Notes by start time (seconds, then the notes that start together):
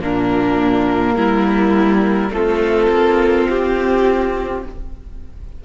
0.00 A#2 A#3 D4 A#4
1.17 G3 E4
2.30 A3 C4 F4 A4
2.89 A#3
3.50 C4 G4